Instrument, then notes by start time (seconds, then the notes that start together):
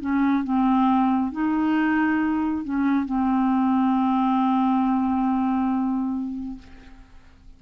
clarinet
0.00 C#4
0.44 C4
1.32 D#4
2.64 C#4
3.06 C4